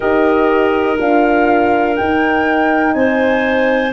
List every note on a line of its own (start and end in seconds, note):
0.00 0.99 D#4
0.00 0.97 G4
0.00 2.94 A#4
0.00 0.98 D#5
0.99 1.98 D4
0.99 1.97 F4
0.99 1.96 F5
1.96 2.94 D#4
1.96 3.92 D#4
1.96 2.93 G5
2.93 3.92 C4
2.93 3.92 C5
2.93 3.91 G#5